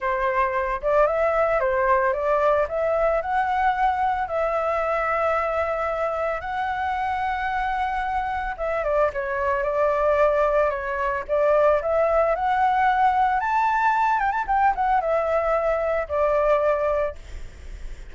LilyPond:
\new Staff \with { instrumentName = "flute" } { \time 4/4 \tempo 4 = 112 c''4. d''8 e''4 c''4 | d''4 e''4 fis''2 | e''1 | fis''1 |
e''8 d''8 cis''4 d''2 | cis''4 d''4 e''4 fis''4~ | fis''4 a''4. g''16 a''16 g''8 fis''8 | e''2 d''2 | }